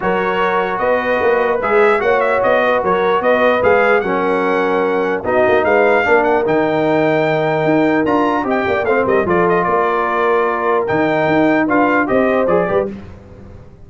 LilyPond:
<<
  \new Staff \with { instrumentName = "trumpet" } { \time 4/4 \tempo 4 = 149 cis''2 dis''2 | e''4 fis''8 e''8 dis''4 cis''4 | dis''4 f''4 fis''2~ | fis''4 dis''4 f''4. fis''8 |
g''1 | ais''4 g''4 f''8 dis''8 d''8 dis''8 | d''2. g''4~ | g''4 f''4 dis''4 d''4 | }
  \new Staff \with { instrumentName = "horn" } { \time 4/4 ais'2 b'2~ | b'4 cis''4. b'8 ais'4 | b'2 ais'2~ | ais'4 fis'4 b'4 ais'4~ |
ais'1~ | ais'4 dis''8 d''8 c''8 ais'8 a'4 | ais'1~ | ais'4 b'4 c''4. b'8 | }
  \new Staff \with { instrumentName = "trombone" } { \time 4/4 fis'1 | gis'4 fis'2.~ | fis'4 gis'4 cis'2~ | cis'4 dis'2 d'4 |
dis'1 | f'4 g'4 c'4 f'4~ | f'2. dis'4~ | dis'4 f'4 g'4 gis'8 g'8 | }
  \new Staff \with { instrumentName = "tuba" } { \time 4/4 fis2 b4 ais4 | gis4 ais4 b4 fis4 | b4 gis4 fis2~ | fis4 b8 ais8 gis4 ais4 |
dis2. dis'4 | d'4 c'8 ais8 a8 g8 f4 | ais2. dis4 | dis'4 d'4 c'4 f8 g8 | }
>>